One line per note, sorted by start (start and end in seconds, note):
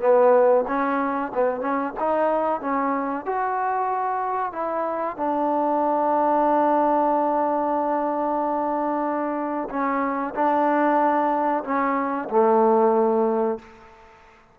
0.00 0.65 B3
0.67 1.32 C#4
1.34 1.60 B3
1.60 1.93 C#4
1.99 2.61 D#4
2.61 3.25 C#4
3.25 4.52 F#4
4.52 5.17 E4
5.17 9.68 D4
9.69 10.34 C#4
10.34 11.63 D4
11.64 12.28 C#4
12.29 13.58 A3